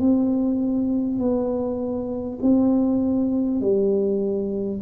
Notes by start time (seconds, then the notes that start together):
0.00 C4
1.19 B3
2.42 C4
3.61 G3